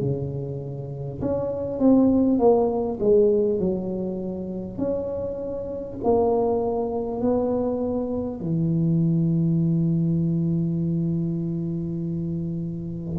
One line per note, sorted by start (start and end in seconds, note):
0.00 1.20 C#3
1.21 1.79 C#4
1.79 2.38 C4
2.38 2.98 A#3
3.00 3.59 G#3
3.59 4.78 F#3
4.78 5.98 C#4
6.03 7.21 A#3
7.21 8.40 B3
8.40 13.18 E3